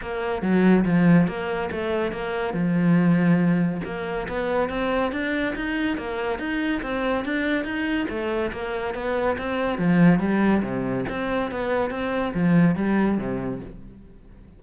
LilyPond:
\new Staff \with { instrumentName = "cello" } { \time 4/4 \tempo 4 = 141 ais4 fis4 f4 ais4 | a4 ais4 f2~ | f4 ais4 b4 c'4 | d'4 dis'4 ais4 dis'4 |
c'4 d'4 dis'4 a4 | ais4 b4 c'4 f4 | g4 c4 c'4 b4 | c'4 f4 g4 c4 | }